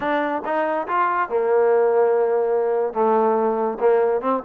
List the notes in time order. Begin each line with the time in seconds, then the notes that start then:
0.00 D4
0.45 D#4
0.87 F4
1.29 A#3
2.93 A3
3.80 A#3
4.21 C4